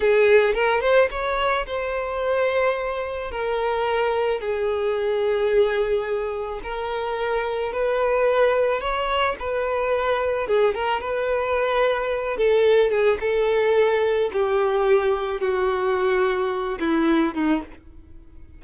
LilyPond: \new Staff \with { instrumentName = "violin" } { \time 4/4 \tempo 4 = 109 gis'4 ais'8 c''8 cis''4 c''4~ | c''2 ais'2 | gis'1 | ais'2 b'2 |
cis''4 b'2 gis'8 ais'8 | b'2~ b'8 a'4 gis'8 | a'2 g'2 | fis'2~ fis'8 e'4 dis'8 | }